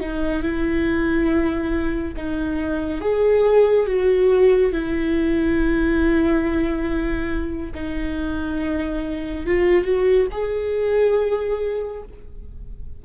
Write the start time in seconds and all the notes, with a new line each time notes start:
0.00 D#4
0.42 E4
2.16 D#4
3.01 G#4
3.86 F#4
4.72 E4
7.75 D#4
9.46 F4
9.84 F#4
10.31 G#4